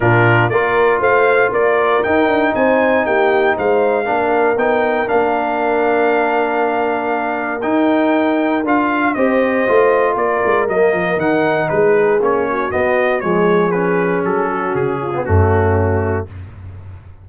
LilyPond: <<
  \new Staff \with { instrumentName = "trumpet" } { \time 4/4 \tempo 4 = 118 ais'4 d''4 f''4 d''4 | g''4 gis''4 g''4 f''4~ | f''4 g''4 f''2~ | f''2. g''4~ |
g''4 f''4 dis''2 | d''4 dis''4 fis''4 b'4 | cis''4 dis''4 cis''4 b'4 | a'4 gis'4 fis'2 | }
  \new Staff \with { instrumentName = "horn" } { \time 4/4 f'4 ais'4 c''4 ais'4~ | ais'4 c''4 g'4 c''4 | ais'1~ | ais'1~ |
ais'2 c''2 | ais'2. gis'4~ | gis'8 fis'4. gis'2~ | gis'8 fis'4 f'8 cis'2 | }
  \new Staff \with { instrumentName = "trombone" } { \time 4/4 d'4 f'2. | dis'1 | d'4 dis'4 d'2~ | d'2. dis'4~ |
dis'4 f'4 g'4 f'4~ | f'4 ais4 dis'2 | cis'4 b4 gis4 cis'4~ | cis'4.~ cis'16 b16 a2 | }
  \new Staff \with { instrumentName = "tuba" } { \time 4/4 ais,4 ais4 a4 ais4 | dis'8 d'8 c'4 ais4 gis4 | ais4 b4 ais2~ | ais2. dis'4~ |
dis'4 d'4 c'4 a4 | ais8 gis8 fis8 f8 dis4 gis4 | ais4 b4 f2 | fis4 cis4 fis,2 | }
>>